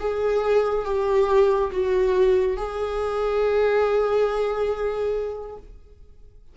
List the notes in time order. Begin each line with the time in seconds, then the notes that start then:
0.00 G#4
0.85 G4
1.71 F#4
2.57 G#4